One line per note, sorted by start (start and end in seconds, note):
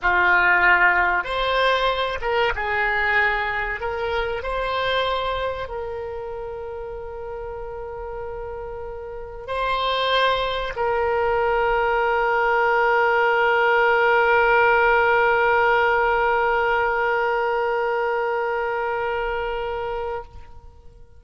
0.02 1.23 F4
1.23 2.18 C5
2.21 2.53 A#4
2.55 3.80 G#4
3.80 4.42 A#4
4.42 5.68 C5
5.68 9.47 A#4
9.47 10.73 C5
10.76 20.23 A#4